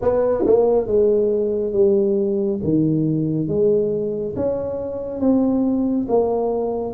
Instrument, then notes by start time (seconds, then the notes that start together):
tuba
0.01 B3
0.46 A#3
0.87 G#3
1.72 G3
2.63 D#3
3.47 G#3
4.36 C#4
5.20 C4
6.08 A#3